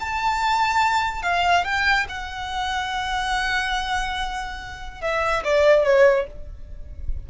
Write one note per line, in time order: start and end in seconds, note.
0.00 1.22 A5
1.22 1.64 F5
1.64 2.06 G5
2.09 5.01 F#5
5.01 5.43 E5
5.44 5.84 D5
5.84 6.26 C#5